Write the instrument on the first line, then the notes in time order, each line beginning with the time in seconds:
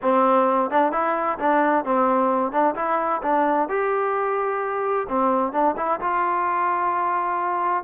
trombone
0.02 C4
0.70 D4
0.92 E4
1.38 D4
1.84 C4
2.52 D4
2.75 E4
3.22 D4
3.68 G4
5.09 C4
5.52 D4
5.76 E4
6.00 F4